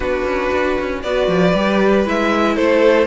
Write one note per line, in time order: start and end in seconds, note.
0.00 0.22 B3
0.00 1.01 D4
0.00 1.02 F#4
0.00 1.01 B4
0.24 0.49 C#4
0.52 0.77 D4
0.80 1.03 C#4
1.02 1.27 B3
1.02 1.54 F#4
1.02 2.54 B4
1.02 2.04 D5
1.27 1.53 F3
1.54 2.05 G3
1.54 2.05 G4
2.05 2.56 G#3
2.05 3.06 E4
2.05 2.56 E5
2.54 3.06 A3
2.54 3.06 A4
2.54 3.06 C5